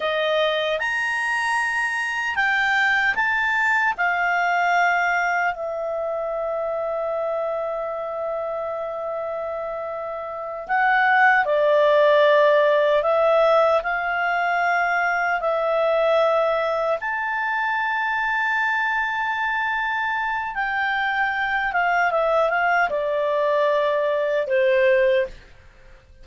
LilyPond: \new Staff \with { instrumentName = "clarinet" } { \time 4/4 \tempo 4 = 76 dis''4 ais''2 g''4 | a''4 f''2 e''4~ | e''1~ | e''4. fis''4 d''4.~ |
d''8 e''4 f''2 e''8~ | e''4. a''2~ a''8~ | a''2 g''4. f''8 | e''8 f''8 d''2 c''4 | }